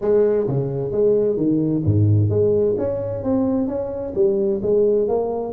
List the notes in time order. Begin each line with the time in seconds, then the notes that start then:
0.01 G#3
0.47 C#3
0.91 G#3
1.36 D#3
1.84 G#2
2.29 G#3
2.78 C#4
3.23 C4
3.67 C#4
4.15 G3
4.62 G#3
5.08 A#3